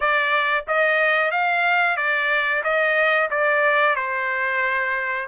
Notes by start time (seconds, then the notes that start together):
0.00 D5
0.67 D#5
1.31 F5
1.96 D5
2.63 D#5
3.30 D5
3.95 C5